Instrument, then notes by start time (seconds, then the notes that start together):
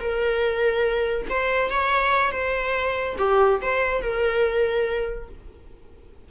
viola
0.00 A#4
1.30 C5
1.71 C#5
2.32 C5
3.18 G4
3.62 C5
4.02 A#4